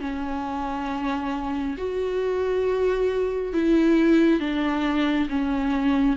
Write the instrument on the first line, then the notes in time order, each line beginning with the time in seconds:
viola
0.00 C#4
1.78 F#4
3.53 E4
4.40 D4
5.29 C#4